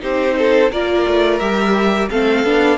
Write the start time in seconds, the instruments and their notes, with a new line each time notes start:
0.00 cello C4, viola D#4, violin G4 C5
0.38 violin A4
0.71 cello A#3, viola F4, violin A#4 D5
1.07 cello A3
1.39 cello G3, viola G4, violin E5
2.10 cello A3, viola C4, violin A4 F5
2.44 cello B3, viola D4